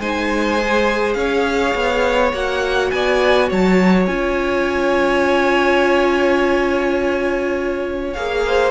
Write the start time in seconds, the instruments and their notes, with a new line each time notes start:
0.00 cello G#3, viola D#4, violin C5 G#5
0.59 viola G#4
1.14 cello C#4, violin C#5 F5
1.75 cello B3
2.33 cello A#3, viola F#4, violin F#5
2.91 cello B3, violin D5 G#5
3.49 cello F#3, violin C#5 A5
4.07 cello C#4, viola F4, violin G#5
8.14 cello A#3, viola G#4, violin F5
8.46 violin C5